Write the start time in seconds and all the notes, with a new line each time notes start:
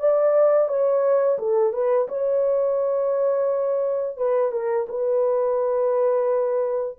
0.00 D5
0.68 C#5
1.39 A4
1.73 B4
2.09 C#5
4.17 B4
4.52 A#4
4.89 B4